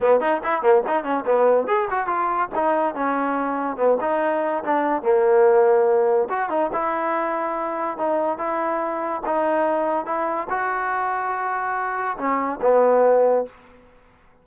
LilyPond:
\new Staff \with { instrumentName = "trombone" } { \time 4/4 \tempo 4 = 143 b8 dis'8 e'8 ais8 dis'8 cis'8 b4 | gis'8 fis'8 f'4 dis'4 cis'4~ | cis'4 b8 dis'4. d'4 | ais2. fis'8 dis'8 |
e'2. dis'4 | e'2 dis'2 | e'4 fis'2.~ | fis'4 cis'4 b2 | }